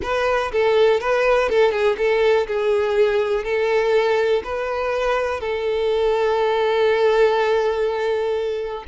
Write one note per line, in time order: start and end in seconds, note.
0.02 0.51 B4
0.51 1.00 A4
1.00 1.49 B4
1.49 1.71 A4
1.71 1.96 G#4
1.97 2.46 A4
2.47 3.44 G#4
3.44 4.42 A4
4.44 5.40 B4
5.40 8.84 A4